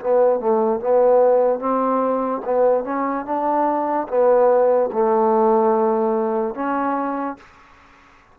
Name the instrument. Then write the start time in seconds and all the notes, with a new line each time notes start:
trombone
0.00 B3
0.40 A3
0.80 B3
1.59 C4
2.44 B3
2.84 C#4
3.25 D4
4.08 B3
4.92 A3
6.54 C#4